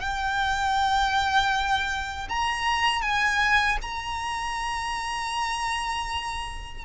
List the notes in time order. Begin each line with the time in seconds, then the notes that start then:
0.00 G5
2.29 A#5
3.02 G#5
3.82 A#5